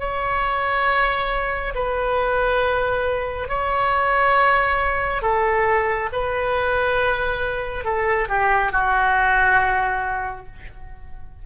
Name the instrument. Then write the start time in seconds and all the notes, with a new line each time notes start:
oboe
0.00 C#5
1.75 B4
3.49 C#5
5.23 A4
6.13 B4
7.85 A4
8.29 G4
8.73 F#4